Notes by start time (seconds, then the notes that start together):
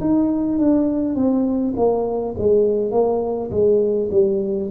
0.00 D#4
0.58 D4
1.15 C4
1.76 A#3
2.37 G#3
2.91 A#3
3.51 G#3
4.11 G3